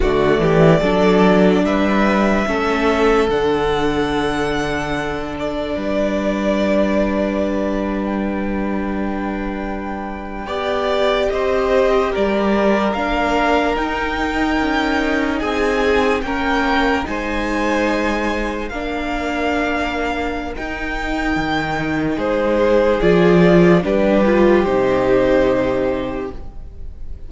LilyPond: <<
  \new Staff \with { instrumentName = "violin" } { \time 4/4 \tempo 4 = 73 d''2 e''2 | fis''2~ fis''8 d''4.~ | d''4.~ d''16 g''2~ g''16~ | g''4.~ g''16 dis''4 d''4 f''16~ |
f''8. g''2 gis''4 g''16~ | g''8. gis''2 f''4~ f''16~ | f''4 g''2 c''4 | d''4 b'4 c''2 | }
  \new Staff \with { instrumentName = "violin" } { \time 4/4 fis'8 g'8 a'4 b'4 a'4~ | a'2. b'4~ | b'1~ | b'8. d''4 c''4 ais'4~ ais'16~ |
ais'2~ ais'8. gis'4 ais'16~ | ais'8. c''2 ais'4~ ais'16~ | ais'2. gis'4~ | gis'4 g'2. | }
  \new Staff \with { instrumentName = "viola" } { \time 4/4 a4 d'2 cis'4 | d'1~ | d'1~ | d'8. g'2. d'16~ |
d'8. dis'2. cis'16~ | cis'8. dis'2 d'4~ d'16~ | d'4 dis'2. | f'4 d'8 f'8 dis'2 | }
  \new Staff \with { instrumentName = "cello" } { \time 4/4 d8 e8 fis4 g4 a4 | d2. g4~ | g1~ | g8. b4 c'4 g4 ais16~ |
ais8. dis'4 cis'4 c'4 ais16~ | ais8. gis2 ais4~ ais16~ | ais4 dis'4 dis4 gis4 | f4 g4 c2 | }
>>